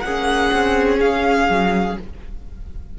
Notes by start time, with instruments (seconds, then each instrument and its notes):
0.00 cello A#3, viola C#4, violin G#4 F#5
0.52 cello C4
1.00 cello C#4, violin F5
1.48 cello F#3